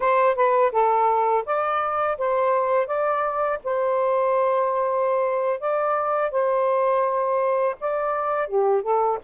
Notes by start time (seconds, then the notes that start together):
0.00 C5
0.35 B4
0.72 A4
1.45 D5
2.18 C5
2.86 D5
3.63 C5
5.60 D5
6.31 C5
7.80 D5
8.47 G4
8.82 A4